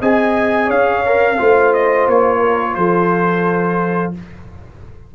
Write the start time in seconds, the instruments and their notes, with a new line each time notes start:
0.00 tuba C4, trombone G#4, horn D#5, trumpet G#5
0.67 tuba C#4, horn C#5, trumpet F5
1.06 trombone A#4
1.38 tuba A3, trombone F4, horn C5
1.73 trumpet D#5
2.07 tuba A#3, trumpet C#5
2.38 horn A#4
2.75 tuba F3, horn A4, trumpet C5